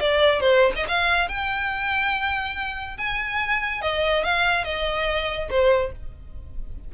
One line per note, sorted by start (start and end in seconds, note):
0.00 0.40 D5
0.40 0.72 C5
0.75 0.86 D#5
0.88 1.28 F5
1.28 2.97 G5
2.98 3.82 G#5
3.82 4.24 D#5
4.24 4.64 F5
4.64 5.49 D#5
5.50 5.92 C5